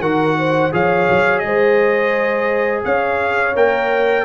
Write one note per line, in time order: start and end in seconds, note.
0.00 0.71 D#3
0.00 0.72 F#4
0.00 0.36 A#4
0.00 0.72 F#5
0.39 0.73 C5
0.72 1.08 F3
0.72 3.54 G#4
0.72 1.44 C#5
0.72 1.39 F5
1.09 1.42 F#3
1.39 2.84 G#3
1.39 2.80 D#5
1.46 2.84 C5
2.84 3.55 C#4
2.84 4.25 C#5
2.84 3.55 F5
3.55 4.25 A#3
3.55 4.25 A#4
3.55 4.25 G5